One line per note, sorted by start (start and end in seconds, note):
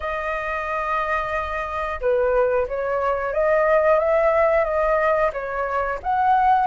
0.00 2.00 D#5
2.00 2.67 B4
2.68 3.33 C#5
3.33 3.99 D#5
3.99 4.64 E5
4.64 5.31 D#5
5.32 5.99 C#5
6.02 6.67 F#5